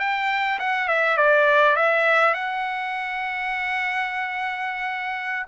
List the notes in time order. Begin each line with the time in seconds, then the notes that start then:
0.00 G5
0.60 F#5
0.89 E5
1.18 D5
1.77 E5
2.34 F#5